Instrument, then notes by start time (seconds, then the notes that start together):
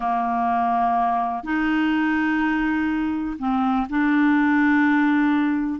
clarinet
0.00 A#3
1.43 D#4
3.39 C4
3.89 D4